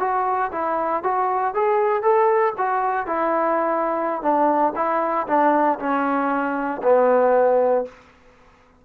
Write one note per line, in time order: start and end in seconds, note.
0.00 0.51 F#4
0.52 1.03 E4
1.03 1.55 F#4
1.55 2.03 G#4
2.03 2.54 A4
2.58 3.07 F#4
3.07 4.22 E4
4.22 4.74 D4
4.76 5.27 E4
5.28 5.79 D4
5.79 6.82 C#4
6.83 7.86 B3